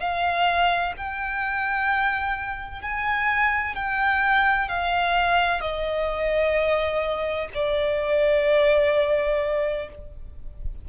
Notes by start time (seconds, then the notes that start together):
0.00 F5
0.98 G5
2.82 G#5
3.75 G5
4.69 F5
5.61 D#5
7.54 D5